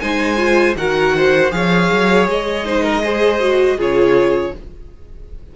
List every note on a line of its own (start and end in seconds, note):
0.00 0.76 G#3
0.00 0.38 D#4
0.00 0.77 C5
0.00 0.75 G#5
0.38 0.75 F4
0.76 1.51 D#3
0.76 1.51 F#4
0.76 1.16 A#4
0.76 1.52 F#5
1.17 1.54 C5
1.51 1.90 F3
1.51 2.64 G#4
1.51 2.67 C#5
1.51 2.27 F5
1.93 2.28 F#3
2.28 3.77 G#3
2.28 3.81 D#5
2.66 3.03 D#4
2.66 2.84 C5
2.84 3.02 A#4
3.03 3.41 G#4
3.03 3.77 C5
3.41 3.78 F#4
3.77 4.52 C#3
3.77 4.53 F4
3.77 4.52 G#4
3.77 4.56 C#5